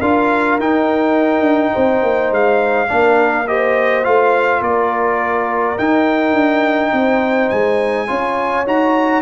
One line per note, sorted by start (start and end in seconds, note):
0.00 0.59 D4
0.00 0.59 F4
0.00 1.73 A#4
0.00 0.59 F5
0.59 1.40 D#4
0.59 2.88 D#4
0.59 2.33 G5
1.40 1.69 D4
1.73 2.02 C4
1.73 2.88 C5
2.02 2.31 A#3
2.31 2.89 G#3
2.31 3.47 F5
2.88 4.06 A#3
2.88 3.46 D4
2.88 3.47 A#4
3.47 4.04 G4
3.47 4.62 C5
3.47 4.04 D#5
4.04 4.61 A3
4.04 5.77 F4
4.04 4.62 F5
4.61 5.76 A#3
4.61 6.92 A#4
4.61 5.78 D5
5.78 8.07 D#4
5.78 6.34 D#4
5.78 7.49 G5
6.34 6.91 D4
6.93 7.50 C4
6.93 8.08 C5
7.49 8.09 G#3
7.49 8.65 G#5
8.07 8.66 C#4
8.07 8.65 F4
8.07 9.22 C#5
8.66 9.22 D#4
8.66 9.22 F#4
8.66 9.22 A#5